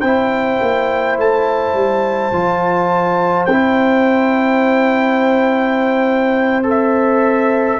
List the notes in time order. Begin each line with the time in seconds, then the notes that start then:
0.00 C4 E4 C5 G5
0.61 A#3
1.17 A3 A5
1.73 G3
2.32 F3 F4
3.45 C4 E4 G5
6.63 A4
6.69 E5